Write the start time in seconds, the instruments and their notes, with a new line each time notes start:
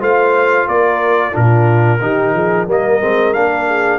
0.00 tuba A3, trombone F4, horn C5, trumpet F5
0.68 tuba A#3, horn A#4, trumpet D5
1.32 tuba A#2, trombone D4, horn F4, trumpet A#4
2.02 tuba D#3, trombone D#4, horn G4
2.34 tuba F3, horn G#4
2.66 tuba G3, trombone A#3, horn A#4, trumpet D#5
3.01 tuba G#3, trombone C4
3.33 tuba A#3, trombone D4, trumpet F5
3.67 horn G#4